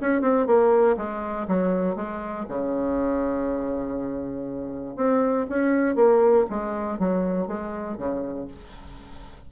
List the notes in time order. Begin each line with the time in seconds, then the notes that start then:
0.00 C#4
0.21 C4
0.46 A#3
0.97 G#3
1.47 F#3
1.96 G#3
2.48 C#3
4.96 C4
5.49 C#4
5.95 A#3
6.49 G#3
6.98 F#3
7.47 G#3
7.97 C#3